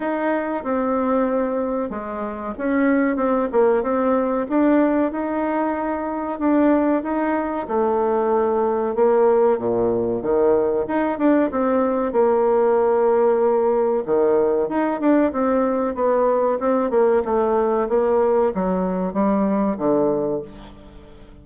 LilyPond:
\new Staff \with { instrumentName = "bassoon" } { \time 4/4 \tempo 4 = 94 dis'4 c'2 gis4 | cis'4 c'8 ais8 c'4 d'4 | dis'2 d'4 dis'4 | a2 ais4 ais,4 |
dis4 dis'8 d'8 c'4 ais4~ | ais2 dis4 dis'8 d'8 | c'4 b4 c'8 ais8 a4 | ais4 fis4 g4 d4 | }